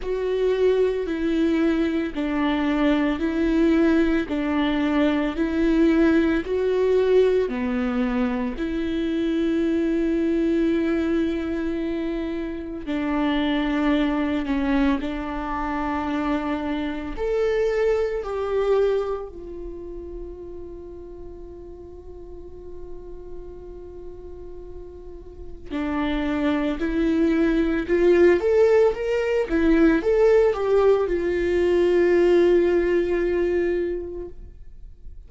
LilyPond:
\new Staff \with { instrumentName = "viola" } { \time 4/4 \tempo 4 = 56 fis'4 e'4 d'4 e'4 | d'4 e'4 fis'4 b4 | e'1 | d'4. cis'8 d'2 |
a'4 g'4 f'2~ | f'1 | d'4 e'4 f'8 a'8 ais'8 e'8 | a'8 g'8 f'2. | }